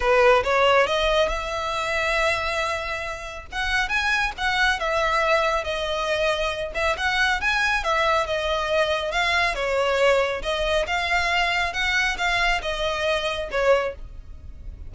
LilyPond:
\new Staff \with { instrumentName = "violin" } { \time 4/4 \tempo 4 = 138 b'4 cis''4 dis''4 e''4~ | e''1 | fis''4 gis''4 fis''4 e''4~ | e''4 dis''2~ dis''8 e''8 |
fis''4 gis''4 e''4 dis''4~ | dis''4 f''4 cis''2 | dis''4 f''2 fis''4 | f''4 dis''2 cis''4 | }